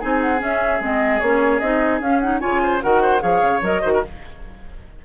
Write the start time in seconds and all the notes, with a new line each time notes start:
0.00 C4 D#4 G#4 G#5
0.21 F#5
0.38 C#4 E5
0.80 G#3 C4 D#5
1.20 A#3 C#4 C#5
1.60 C4 D#4 D#5
2.00 C#4 F5
2.20 D#4 F#5
2.41 C#3 F4 C#5 G#5
2.63 C5
2.82 D#3 F#4 A#4 F#5
3.02 C5
3.20 F3 G#4 C#5 F5
3.42 C#3
3.62 F#3 A#4 D#5
3.82 D#3 F#4 C5
3.94 A#4